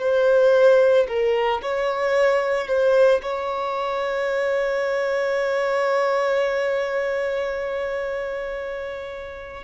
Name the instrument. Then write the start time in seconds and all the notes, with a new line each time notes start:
violin
0.00 C5
1.09 A#4
1.62 C#5
2.68 C5
3.23 C#5